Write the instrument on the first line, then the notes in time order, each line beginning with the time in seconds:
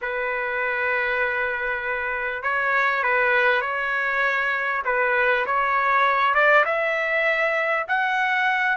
trumpet
0.01 B4
2.42 C#5
3.03 B4
3.61 C#5
4.85 B4
5.46 C#5
6.34 D5
6.65 E5
7.88 F#5